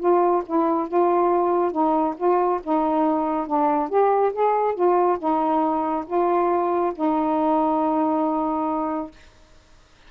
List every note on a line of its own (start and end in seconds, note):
0.00 0.43 F4
0.47 0.88 E4
0.88 1.72 F4
1.72 2.15 D#4
2.18 2.61 F4
2.64 3.47 D#4
3.47 3.90 D4
3.90 4.33 G4
4.33 4.75 G#4
4.75 5.19 F4
5.19 6.05 D#4
6.07 6.93 F4
6.96 9.12 D#4